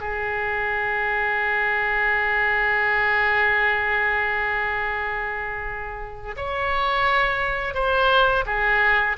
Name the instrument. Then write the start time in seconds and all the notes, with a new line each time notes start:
oboe
0.00 G#4
6.36 C#5
7.74 C5
8.46 G#4